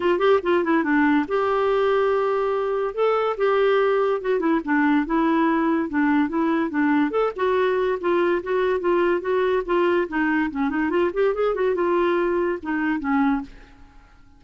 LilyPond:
\new Staff \with { instrumentName = "clarinet" } { \time 4/4 \tempo 4 = 143 f'8 g'8 f'8 e'8 d'4 g'4~ | g'2. a'4 | g'2 fis'8 e'8 d'4 | e'2 d'4 e'4 |
d'4 a'8 fis'4. f'4 | fis'4 f'4 fis'4 f'4 | dis'4 cis'8 dis'8 f'8 g'8 gis'8 fis'8 | f'2 dis'4 cis'4 | }